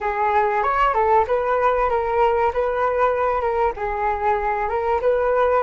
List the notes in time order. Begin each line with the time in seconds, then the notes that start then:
0.00 G#4
0.62 C#5
0.93 A4
1.27 B4
1.89 A#4
2.53 B4
3.41 A#4
3.76 G#4
4.69 A#4
5.01 B4